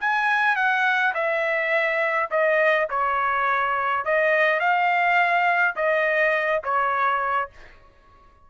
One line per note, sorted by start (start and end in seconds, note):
0.00 0.55 G#5
0.55 1.13 F#5
1.14 2.29 E5
2.30 2.88 D#5
2.90 4.05 C#5
4.05 4.59 D#5
4.59 5.75 F5
5.76 6.62 D#5
6.63 7.50 C#5